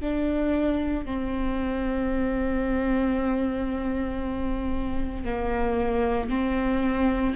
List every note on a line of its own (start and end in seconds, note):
0.00 1.05 D4
1.05 5.24 C4
5.24 6.29 A#3
6.29 7.34 C4